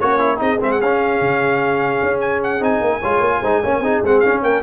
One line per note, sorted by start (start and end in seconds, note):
0.00 0.41 A#3
0.00 0.40 C#4
0.00 0.20 F#4
0.00 0.40 C#5
0.20 0.38 E4
0.38 0.61 C4
0.38 0.58 D#4
0.38 3.00 G#4
0.38 0.61 D#5
0.61 0.82 G#3
0.61 0.81 C4
0.61 0.72 E5
0.72 0.82 F#5
0.82 1.21 C#4
0.82 2.60 C#4
0.82 2.21 F5
1.21 2.01 C#3
2.03 2.61 C#4
2.21 2.41 G#5
2.44 2.64 F#5
2.60 2.81 C4
2.60 3.01 D#4
2.60 4.05 G#5
2.81 3.01 A#3
3.00 3.21 G#3
3.00 3.44 F4
3.00 3.40 C#5
3.21 3.41 A#3
3.41 3.63 G#3
3.41 3.64 D#4
3.41 3.61 C5
3.63 3.80 A#3
3.63 3.84 C#4
3.63 3.83 C#5
3.80 4.00 C4
3.80 4.04 D#4
3.80 4.43 G#4
4.03 4.23 G#3
4.03 4.24 C4
4.03 4.20 F#5
4.20 4.63 C#4
4.20 4.43 C#4
4.20 4.40 F5
4.43 4.63 A#3
4.43 4.63 A#4
4.43 4.63 G5